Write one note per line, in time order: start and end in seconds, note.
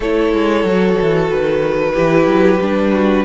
0.00 0.33 A3
0.00 0.68 E4
0.00 1.92 A4
0.00 1.30 C#5
0.33 0.64 G#3
0.64 0.96 F#3
0.64 1.94 F#4
1.01 1.29 E3
1.29 1.95 D#3
1.29 3.24 B4
1.93 2.26 E3
1.93 2.59 E4
1.93 2.91 G4
2.26 2.59 F#3
2.60 3.24 G3
2.60 3.24 D4
2.92 3.24 F#4